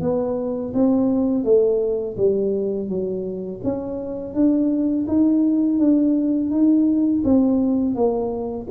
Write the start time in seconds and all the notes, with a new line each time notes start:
0.00 B3
0.73 C4
1.44 A3
2.17 G3
2.88 F#3
3.63 C#4
4.33 D4
5.07 D#4
5.78 D4
6.50 D#4
7.24 C4
7.95 A#3